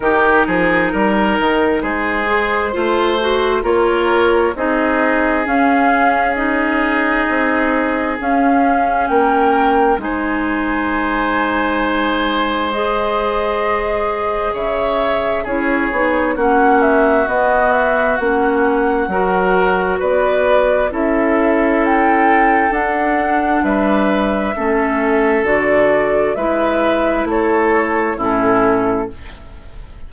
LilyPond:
<<
  \new Staff \with { instrumentName = "flute" } { \time 4/4 \tempo 4 = 66 ais'2 c''2 | cis''4 dis''4 f''4 dis''4~ | dis''4 f''4 g''4 gis''4~ | gis''2 dis''2 |
e''4 cis''4 fis''8 e''8 dis''8 e''8 | fis''2 d''4 e''4 | g''4 fis''4 e''2 | d''4 e''4 cis''4 a'4 | }
  \new Staff \with { instrumentName = "oboe" } { \time 4/4 g'8 gis'8 ais'4 gis'4 c''4 | ais'4 gis'2.~ | gis'2 ais'4 c''4~ | c''1 |
cis''4 gis'4 fis'2~ | fis'4 ais'4 b'4 a'4~ | a'2 b'4 a'4~ | a'4 b'4 a'4 e'4 | }
  \new Staff \with { instrumentName = "clarinet" } { \time 4/4 dis'2~ dis'8 gis'8 f'8 fis'8 | f'4 dis'4 cis'4 dis'4~ | dis'4 cis'2 dis'4~ | dis'2 gis'2~ |
gis'4 e'8 dis'8 cis'4 b4 | cis'4 fis'2 e'4~ | e'4 d'2 cis'4 | fis'4 e'2 cis'4 | }
  \new Staff \with { instrumentName = "bassoon" } { \time 4/4 dis8 f8 g8 dis8 gis4 a4 | ais4 c'4 cis'2 | c'4 cis'4 ais4 gis4~ | gis1 |
cis4 cis'8 b8 ais4 b4 | ais4 fis4 b4 cis'4~ | cis'4 d'4 g4 a4 | d4 gis4 a4 a,4 | }
>>